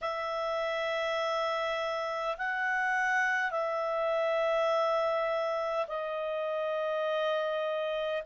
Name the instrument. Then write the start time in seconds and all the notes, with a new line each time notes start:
clarinet
0.01 E5
2.37 F#5
3.51 E5
5.87 D#5